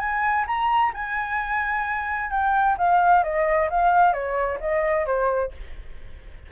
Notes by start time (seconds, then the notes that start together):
0.00 G#5
0.47 A#5
0.95 G#5
2.31 G5
2.78 F5
3.24 D#5
3.70 F5
4.13 C#5
4.61 D#5
5.06 C5